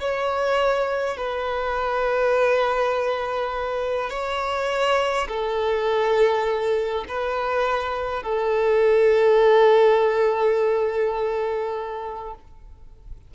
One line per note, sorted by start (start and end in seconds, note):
0.00 1.17 C#5
1.17 4.10 B4
4.10 5.28 C#5
5.29 7.05 A4
7.09 8.23 B4
8.23 12.35 A4